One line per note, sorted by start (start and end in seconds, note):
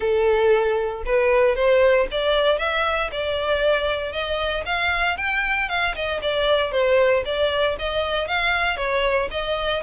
0.00 1.03 A4
1.05 1.55 B4
1.55 2.07 C5
2.11 2.58 D5
2.58 3.10 E5
3.11 4.12 D5
4.12 4.64 D#5
4.65 5.17 F5
5.17 5.68 G5
5.68 5.94 F5
5.95 6.20 D#5
6.21 6.71 D5
6.71 7.23 C5
7.25 7.77 D5
7.78 8.27 D#5
8.27 8.76 F5
8.76 9.28 C#5
9.31 9.82 D#5